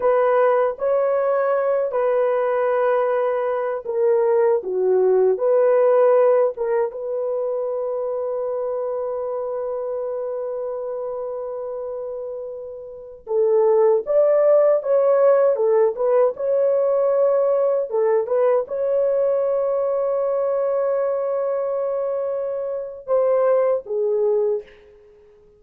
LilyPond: \new Staff \with { instrumentName = "horn" } { \time 4/4 \tempo 4 = 78 b'4 cis''4. b'4.~ | b'4 ais'4 fis'4 b'4~ | b'8 ais'8 b'2.~ | b'1~ |
b'4~ b'16 a'4 d''4 cis''8.~ | cis''16 a'8 b'8 cis''2 a'8 b'16~ | b'16 cis''2.~ cis''8.~ | cis''2 c''4 gis'4 | }